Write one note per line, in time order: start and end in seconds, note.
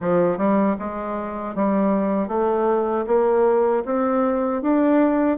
0.00 0.37 F3
0.37 0.76 G3
0.78 1.55 G#3
1.55 2.28 G3
2.28 3.05 A3
3.06 3.83 A#3
3.85 4.62 C4
4.62 5.37 D4